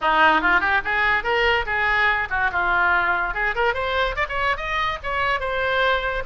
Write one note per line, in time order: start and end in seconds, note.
0.01 0.41 D#4
0.41 0.60 F4
0.60 0.81 G4
0.84 1.23 G#4
1.23 1.65 A#4
1.66 2.28 G#4
2.29 2.50 F#4
2.52 3.34 F4
3.34 3.55 G#4
3.55 3.73 A#4
3.73 4.15 C5
4.16 4.26 D5
4.28 4.56 C#5
4.56 4.98 D#5
5.03 5.40 C#5
5.40 6.23 C5